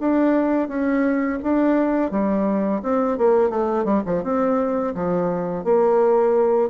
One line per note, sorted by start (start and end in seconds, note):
0.00 0.68 D4
0.68 1.39 C#4
1.43 2.11 D4
2.11 2.82 G3
2.83 3.18 C4
3.18 3.50 A#3
3.50 3.85 A3
3.85 4.02 G3
4.06 4.24 F3
4.24 4.94 C4
4.95 5.64 F3
5.64 6.70 A#3